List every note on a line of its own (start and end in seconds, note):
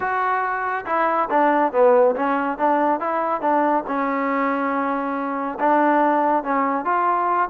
0.00 0.85 F#4
0.86 1.29 E4
1.30 1.72 D4
1.72 2.15 B3
2.15 2.58 C#4
2.58 2.99 D4
2.99 3.41 E4
3.41 3.84 D4
3.87 5.58 C#4
5.59 6.43 D4
6.43 6.85 C#4
6.85 7.49 F4